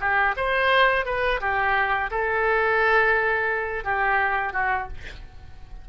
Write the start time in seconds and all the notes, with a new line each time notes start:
0.00 G4
0.36 C5
1.05 B4
1.40 G4
2.10 A4
3.84 G4
4.53 F#4